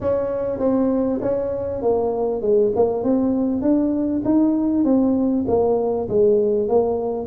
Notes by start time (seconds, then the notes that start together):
0.00 C#4
0.59 C4
1.21 C#4
1.82 A#3
2.41 G#3
2.75 A#3
3.03 C4
3.61 D4
4.24 D#4
4.84 C4
5.47 A#3
6.08 G#3
6.68 A#3